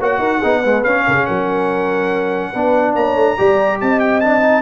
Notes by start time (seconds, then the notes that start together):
0.00 A#3 F#4 C#5 F#5
0.18 D#4 A#4
0.38 B3 D#4 G#4
0.63 G#3 B4
0.84 C#4 F5
1.07 C#3 A#4
1.15 G#4
1.26 F#3 A#4 F#5
2.52 B3 D4 B4
2.95 A#3 C#5 A#5
3.16 A3
3.38 G3 G4 D5
3.81 C4 D#5 A5
4.00 G5
4.21 D4 A5
4.41 D#4